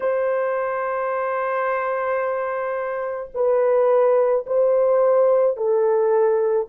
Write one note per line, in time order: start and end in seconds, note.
0.00 3.30 C5
3.34 4.45 B4
4.46 5.56 C5
5.56 6.67 A4